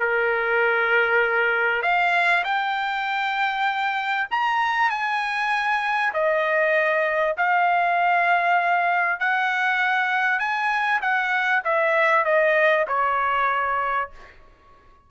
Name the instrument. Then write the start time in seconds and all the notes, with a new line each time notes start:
trumpet
0.00 A#4
1.83 F5
2.44 G5
4.31 A#5
4.90 G#5
6.14 D#5
7.37 F5
9.20 F#5
10.39 G#5
11.02 F#5
11.65 E5
12.25 D#5
12.88 C#5